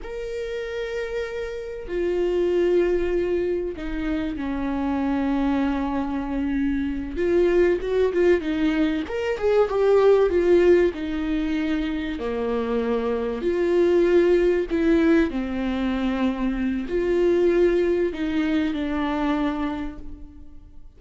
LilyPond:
\new Staff \with { instrumentName = "viola" } { \time 4/4 \tempo 4 = 96 ais'2. f'4~ | f'2 dis'4 cis'4~ | cis'2.~ cis'8 f'8~ | f'8 fis'8 f'8 dis'4 ais'8 gis'8 g'8~ |
g'8 f'4 dis'2 ais8~ | ais4. f'2 e'8~ | e'8 c'2~ c'8 f'4~ | f'4 dis'4 d'2 | }